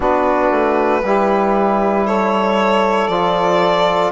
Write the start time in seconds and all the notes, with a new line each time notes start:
0.00 B3 D4 F#4 B4
0.50 A3
1.03 G3 E4 G4
2.06 A4 C#5
3.07 F3 F4 D5